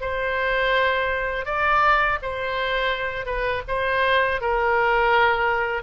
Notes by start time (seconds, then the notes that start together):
0.00 C5
1.45 D5
2.22 C5
3.25 B4
3.67 C5
4.40 A#4